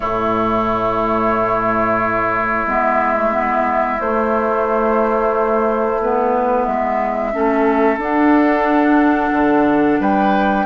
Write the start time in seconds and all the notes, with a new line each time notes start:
0.00 A2 A3 E4 C#5
2.66 G#3 B3 E5
3.15 A3
3.32 B3
4.00 A3 C5
6.01 B3 B4
6.65 G#3 E5
7.32 A3 C#4 A4
7.97 D4 F#5
9.32 D3
9.99 G3 B4 G5